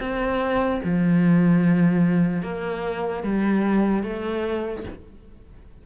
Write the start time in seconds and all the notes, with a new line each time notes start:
0.00 C4
0.84 F3
2.42 A#3
3.23 G3
4.03 A3